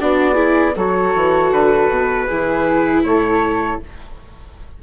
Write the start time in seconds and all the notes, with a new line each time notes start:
0.00 B3 D4 F#4 D5
0.34 E4 G#4
0.76 F#3 F#4 A4 C#5
1.15 E3
1.52 D3 B4
1.89 B2
2.27 E3 E4 G#4
3.04 A2 A4 C#5